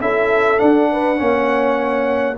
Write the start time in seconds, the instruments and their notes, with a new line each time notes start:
0.00 tuba C#4, trombone E4, horn A4, trumpet E5
0.57 trombone D4, tuba D4, trumpet F#5
0.91 horn B4
1.16 tuba A#3, trombone C#4, horn C#5